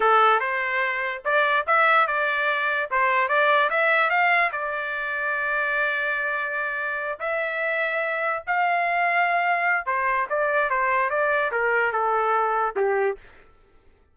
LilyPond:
\new Staff \with { instrumentName = "trumpet" } { \time 4/4 \tempo 4 = 146 a'4 c''2 d''4 | e''4 d''2 c''4 | d''4 e''4 f''4 d''4~ | d''1~ |
d''4. e''2~ e''8~ | e''8 f''2.~ f''8 | c''4 d''4 c''4 d''4 | ais'4 a'2 g'4 | }